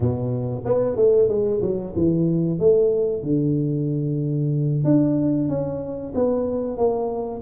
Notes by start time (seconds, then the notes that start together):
0.00 B2
0.65 B3
0.96 A3
1.28 G#3
1.61 F#3
1.95 E3
2.59 A3
3.23 D3
4.84 D4
5.48 C#4
6.14 B3
6.77 A#3